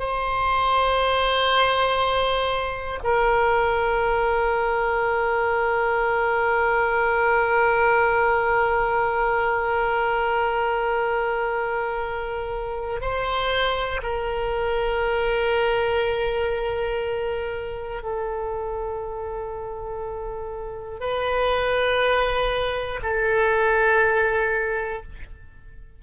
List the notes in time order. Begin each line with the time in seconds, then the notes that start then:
0.00 C5
3.04 A#4
13.01 C5
14.03 A#4
18.03 A4
21.00 B4
23.03 A4